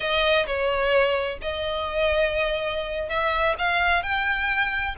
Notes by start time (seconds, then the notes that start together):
0.00 D#5
0.46 C#5
1.41 D#5
3.09 E5
3.58 F5
4.03 G5